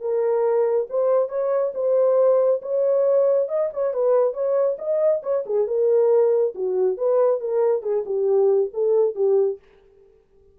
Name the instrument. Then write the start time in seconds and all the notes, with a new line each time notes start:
horn
0.00 A#4
0.89 C5
1.29 C#5
1.74 C5
2.62 C#5
3.48 D#5
3.73 C#5
3.93 B4
4.33 C#5
4.78 D#5
5.23 C#5
5.46 G#4
5.67 A#4
6.54 F#4
6.97 B4
7.40 A#4
7.82 G#4
8.05 G4
8.74 A4
9.15 G4